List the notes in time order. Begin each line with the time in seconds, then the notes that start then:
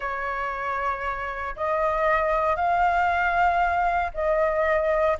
0.00 C#5
1.55 D#5
2.56 F5
4.14 D#5